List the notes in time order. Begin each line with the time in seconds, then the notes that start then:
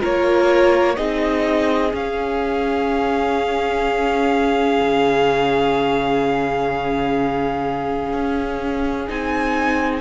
0.00 A#3 F4 A#4 C#5
0.95 C4 D#4 G#4 D#5
1.91 C#4 F5
4.80 C#3
8.12 C#4
9.08 C4 D#4 G#5